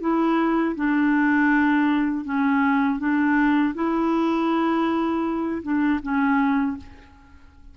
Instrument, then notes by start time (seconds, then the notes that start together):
clarinet
0.00 E4
0.75 D4
2.24 C#4
2.99 D4
3.74 E4
5.62 D4
6.02 C#4